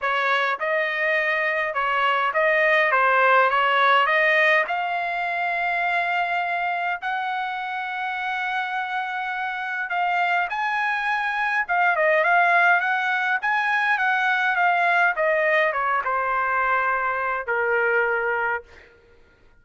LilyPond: \new Staff \with { instrumentName = "trumpet" } { \time 4/4 \tempo 4 = 103 cis''4 dis''2 cis''4 | dis''4 c''4 cis''4 dis''4 | f''1 | fis''1~ |
fis''4 f''4 gis''2 | f''8 dis''8 f''4 fis''4 gis''4 | fis''4 f''4 dis''4 cis''8 c''8~ | c''2 ais'2 | }